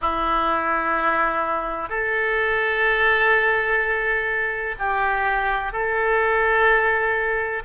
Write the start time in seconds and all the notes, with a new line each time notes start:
0.01 E4
1.89 A4
4.78 G4
5.72 A4